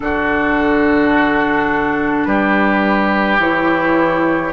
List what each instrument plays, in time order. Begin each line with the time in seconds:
0.00 bassoon D3, clarinet D4, oboe F#4, flute A4
2.25 bassoon G3, oboe G4, flute B4
3.38 bassoon E3, clarinet E4, flute C#5